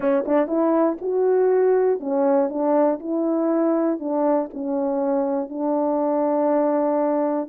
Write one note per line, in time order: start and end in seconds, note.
0.00 0.24 C#4
0.25 0.47 D4
0.47 0.97 E4
1.01 2.00 F#4
2.00 2.49 C#4
2.49 2.99 D4
2.99 3.99 E4
3.99 4.49 D4
4.53 5.49 C#4
5.49 7.48 D4